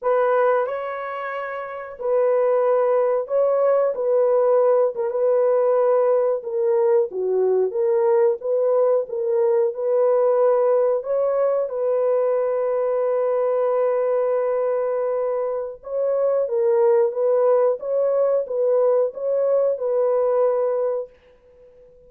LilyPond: \new Staff \with { instrumentName = "horn" } { \time 4/4 \tempo 4 = 91 b'4 cis''2 b'4~ | b'4 cis''4 b'4. ais'16 b'16~ | b'4.~ b'16 ais'4 fis'4 ais'16~ | ais'8. b'4 ais'4 b'4~ b'16~ |
b'8. cis''4 b'2~ b'16~ | b'1 | cis''4 ais'4 b'4 cis''4 | b'4 cis''4 b'2 | }